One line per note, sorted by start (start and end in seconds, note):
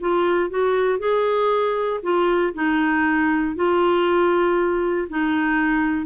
0.00 0.50 F4
0.50 0.98 F#4
0.98 2.00 G#4
2.02 2.53 F4
2.54 3.55 D#4
3.55 5.08 F4
5.09 6.06 D#4